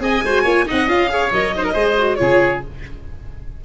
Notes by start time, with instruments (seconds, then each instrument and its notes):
0.00 tuba C4, viola G#4, oboe D#5, violin G#5
0.22 tuba G#3, viola F#4, oboe C5
0.43 tuba A#3, viola F4, oboe C#5
0.67 tuba C4, viola D#4, oboe D#5, violin F#5
0.87 tuba C#4, viola F4, violin F5
1.09 viola G#4, oboe C#5
1.32 tuba F#3, viola A#4, violin D#5
1.56 viola D#4, oboe C5
1.65 oboe A#4
1.74 tuba G#3, viola G#4, oboe C5
1.99 viola F#4
2.16 tuba C#3, viola F4, oboe G#4, violin C#5